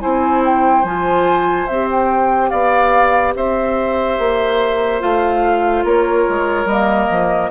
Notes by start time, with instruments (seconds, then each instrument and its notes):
0.00 bassoon C4, clarinet E4, oboe C5, flute G#5
0.45 flute G5
0.84 bassoon F3, clarinet F4, flute G#5
1.67 bassoon C4, clarinet G4, flute E5
1.91 flute G5
2.50 bassoon B3, oboe D5, flute F5
3.35 bassoon C4, oboe C5, flute E5
4.19 bassoon A#3
5.00 bassoon A3, clarinet F4, flute F5
5.84 bassoon A#3, oboe A#4, flute C#5
6.28 bassoon G#3
6.65 bassoon G3, clarinet A#3, flute D#5
7.10 bassoon F3